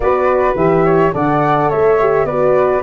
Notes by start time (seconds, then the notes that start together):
0.00 B3 F#4 B4 D5
0.55 E3 G4 E5
0.85 C#5
1.12 D3 A4 D5 F#5
1.69 A3 C#5 E5
2.00 G4
2.24 B3 F#4 B4 D5